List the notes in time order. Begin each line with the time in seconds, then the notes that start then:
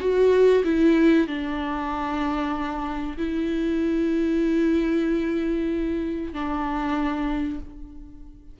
0.00 F#4
0.64 E4
1.27 D4
3.17 E4
6.33 D4